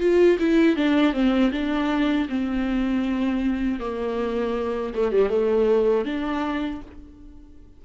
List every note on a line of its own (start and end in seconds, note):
0.00 0.38 F4
0.39 0.76 E4
0.76 1.13 D4
1.13 1.51 C4
1.52 2.28 D4
2.29 3.80 C4
3.80 4.94 A#3
4.94 5.12 A3
5.12 5.30 G3
5.30 6.05 A3
6.05 6.81 D4